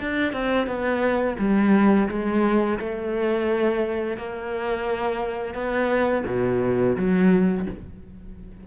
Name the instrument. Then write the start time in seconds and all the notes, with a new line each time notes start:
cello
0.00 D4
0.33 C4
0.67 B3
1.39 G3
2.09 G#3
2.79 A3
4.17 A#3
5.54 B3
6.26 B2
6.97 F#3